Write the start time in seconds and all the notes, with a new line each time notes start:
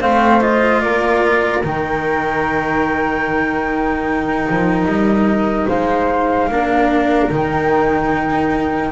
0.00 A3 C4 C5 F5
0.40 F4 D#5
0.81 A#3 A#4 D5
1.63 D#3 D#4 G5
4.49 F3
4.85 G3 D#5
5.67 G#3 C5 F5
6.48 A#3 D4 A#4
7.30 D#3 D#4 G5